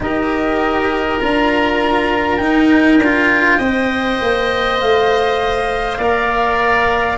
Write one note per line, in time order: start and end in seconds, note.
0.00 1.20 D#4
0.00 1.20 G4
0.00 3.57 A#4
0.00 1.19 D#5
1.19 2.39 D4
1.19 2.40 F4
1.19 2.37 A#5
2.37 2.98 D#4
2.37 3.00 D#4
2.37 4.77 G5
2.98 3.58 D4
2.98 3.60 F4
3.57 4.19 C4
3.57 6.00 C5
3.57 5.97 D#5
4.21 4.81 A#3
4.80 5.98 A3
4.80 7.17 F5
5.98 7.17 A#3
5.98 7.17 A#4
5.98 7.17 D5